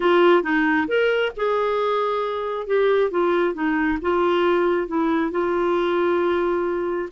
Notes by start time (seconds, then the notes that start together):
0.00 F4
0.42 D#4
0.87 A#4
1.36 G#4
2.66 G4
3.10 F4
3.54 D#4
4.01 F4
4.87 E4
5.31 F4